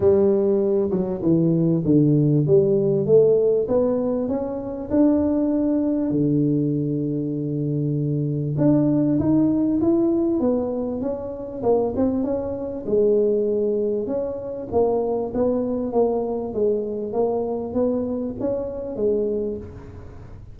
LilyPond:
\new Staff \with { instrumentName = "tuba" } { \time 4/4 \tempo 4 = 98 g4. fis8 e4 d4 | g4 a4 b4 cis'4 | d'2 d2~ | d2 d'4 dis'4 |
e'4 b4 cis'4 ais8 c'8 | cis'4 gis2 cis'4 | ais4 b4 ais4 gis4 | ais4 b4 cis'4 gis4 | }